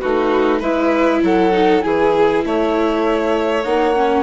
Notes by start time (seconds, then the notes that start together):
0.00 A3 D#4 F#4 B4
0.59 G#3 E4 B4 E5
1.22 F#3 A4 F#5
1.52 D#4
1.80 E3 E4 G#4 G#5
2.45 A3 C#5 E5
3.64 A#3 D#4 F#5
3.95 C#4